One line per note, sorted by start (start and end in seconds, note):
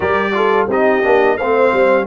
0.00 0.67 G3
0.00 0.33 G4
0.00 0.32 A#4
0.00 0.67 D5
0.33 0.67 F4
0.33 0.68 A4
0.67 1.02 C4
0.67 1.03 D#4
0.67 1.37 G4
0.67 1.37 D#5
1.03 1.37 A#3
1.03 1.37 D4
1.37 1.72 A3
1.37 2.06 C4
1.37 2.06 C5
1.37 2.06 F5
1.73 2.06 G3